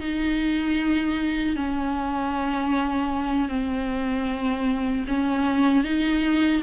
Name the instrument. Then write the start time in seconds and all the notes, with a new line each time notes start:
viola
0.00 D#4
1.55 C#4
3.49 C4
5.08 C#4
5.84 D#4